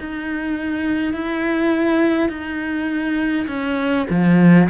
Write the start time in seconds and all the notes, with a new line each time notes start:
0.00 D#4
1.13 E4
2.29 D#4
3.48 C#4
4.10 F3